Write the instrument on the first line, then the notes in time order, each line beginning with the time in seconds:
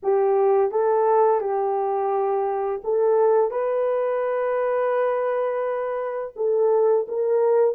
horn
0.02 G4
0.71 A4
1.40 G4
2.84 A4
3.51 B4
6.35 A4
7.07 A#4